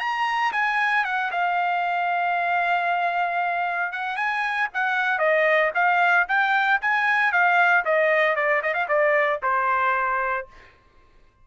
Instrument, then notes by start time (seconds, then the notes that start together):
trumpet
0.00 A#5
0.53 G#5
1.05 F#5
1.32 F5
3.92 F#5
4.17 G#5
4.74 F#5
5.19 D#5
5.75 F5
6.28 G5
6.82 G#5
7.32 F5
7.85 D#5
8.36 D5
8.63 D#5
8.74 F5
8.88 D5
9.43 C5